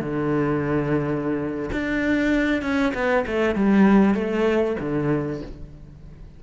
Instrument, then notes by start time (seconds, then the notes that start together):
cello
0.00 D3
1.72 D4
2.62 C#4
2.94 B3
3.27 A3
3.55 G3
4.14 A3
4.80 D3